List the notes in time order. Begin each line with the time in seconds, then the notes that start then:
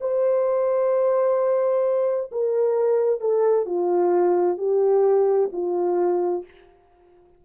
0.00 C5
2.31 A#4
3.21 A4
3.65 F4
4.57 G4
5.52 F4